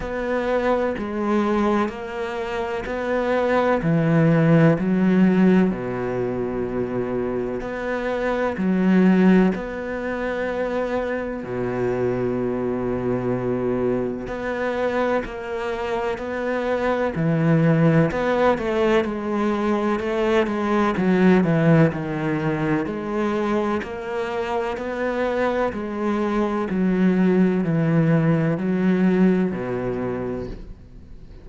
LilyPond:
\new Staff \with { instrumentName = "cello" } { \time 4/4 \tempo 4 = 63 b4 gis4 ais4 b4 | e4 fis4 b,2 | b4 fis4 b2 | b,2. b4 |
ais4 b4 e4 b8 a8 | gis4 a8 gis8 fis8 e8 dis4 | gis4 ais4 b4 gis4 | fis4 e4 fis4 b,4 | }